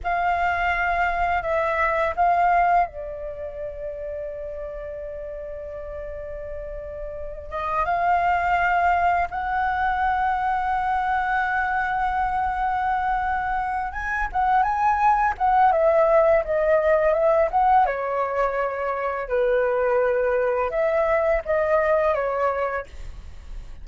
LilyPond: \new Staff \with { instrumentName = "flute" } { \time 4/4 \tempo 4 = 84 f''2 e''4 f''4 | d''1~ | d''2~ d''8 dis''8 f''4~ | f''4 fis''2.~ |
fis''2.~ fis''8 gis''8 | fis''8 gis''4 fis''8 e''4 dis''4 | e''8 fis''8 cis''2 b'4~ | b'4 e''4 dis''4 cis''4 | }